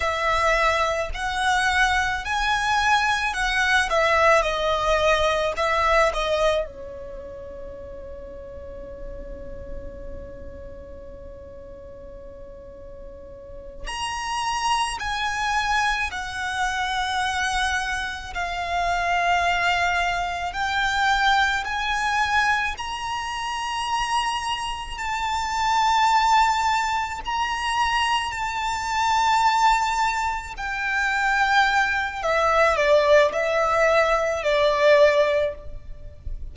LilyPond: \new Staff \with { instrumentName = "violin" } { \time 4/4 \tempo 4 = 54 e''4 fis''4 gis''4 fis''8 e''8 | dis''4 e''8 dis''8 cis''2~ | cis''1~ | cis''8 ais''4 gis''4 fis''4.~ |
fis''8 f''2 g''4 gis''8~ | gis''8 ais''2 a''4.~ | a''8 ais''4 a''2 g''8~ | g''4 e''8 d''8 e''4 d''4 | }